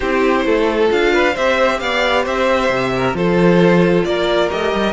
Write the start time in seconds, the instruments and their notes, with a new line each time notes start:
0.00 cello C4, viola E4, violin G4 C5
0.45 cello A3, violin A4
0.87 cello D4, viola F4, violin F5
1.13 violin B4
1.33 cello C4, viola G4, violin C5 E5
1.79 cello B3, violin D5 F5
2.23 cello C4, violin C5 E5
2.69 cello C3
2.96 violin A#4
3.13 cello F3, viola F4, violin A4 C5
4.04 cello A#3, violin A#4 D5
4.49 cello A3, viola G4, violin D#5
4.73 cello G3